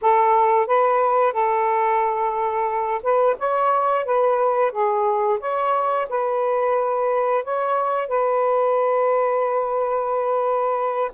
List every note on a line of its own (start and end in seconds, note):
0.01 0.66 A4
0.66 1.32 B4
1.32 3.01 A4
3.02 3.36 B4
3.38 4.04 C#5
4.04 4.71 B4
4.71 5.39 G#4
5.40 6.07 C#5
6.09 7.44 B4
7.44 8.07 C#5
8.07 11.11 B4